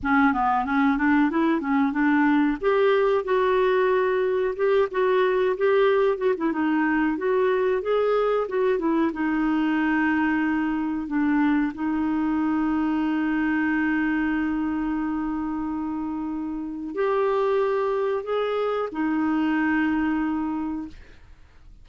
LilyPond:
\new Staff \with { instrumentName = "clarinet" } { \time 4/4 \tempo 4 = 92 cis'8 b8 cis'8 d'8 e'8 cis'8 d'4 | g'4 fis'2 g'8 fis'8~ | fis'8 g'4 fis'16 e'16 dis'4 fis'4 | gis'4 fis'8 e'8 dis'2~ |
dis'4 d'4 dis'2~ | dis'1~ | dis'2 g'2 | gis'4 dis'2. | }